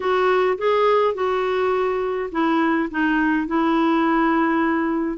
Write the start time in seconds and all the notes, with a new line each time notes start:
0.00 F#4
0.58 G#4
1.14 F#4
2.31 E4
2.90 D#4
3.47 E4